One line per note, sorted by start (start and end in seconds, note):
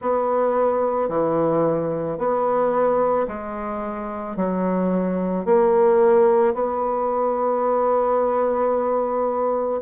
0.00 1.09 B3
1.09 2.18 E3
2.18 3.27 B3
3.27 4.36 G#3
4.36 5.45 F#3
5.45 6.54 A#3
6.54 9.81 B3